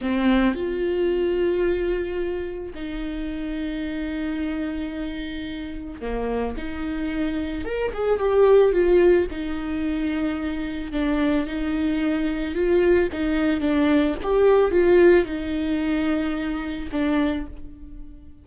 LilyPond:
\new Staff \with { instrumentName = "viola" } { \time 4/4 \tempo 4 = 110 c'4 f'2.~ | f'4 dis'2.~ | dis'2. ais4 | dis'2 ais'8 gis'8 g'4 |
f'4 dis'2. | d'4 dis'2 f'4 | dis'4 d'4 g'4 f'4 | dis'2. d'4 | }